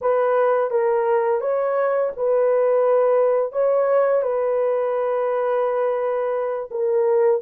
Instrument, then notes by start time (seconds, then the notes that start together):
horn
0.01 B4
0.70 A#4
1.40 C#5
2.16 B4
3.52 C#5
4.22 B4
6.70 A#4